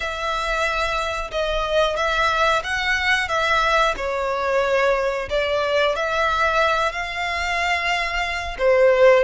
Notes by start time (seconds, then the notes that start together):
0.00 E5
1.31 D#5
1.96 E5
2.63 F#5
3.28 E5
3.97 C#5
5.29 D5
5.95 E5
6.92 F5
8.58 C5